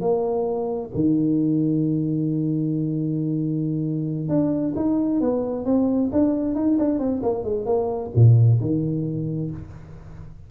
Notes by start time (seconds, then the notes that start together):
0.00 A#3
0.94 D#3
4.28 D4
4.75 D#4
5.20 B3
5.65 C4
6.12 D4
6.55 D#4
6.78 D4
6.99 C4
7.22 A#3
7.44 G#3
7.65 A#3
8.15 A#2
8.60 D#3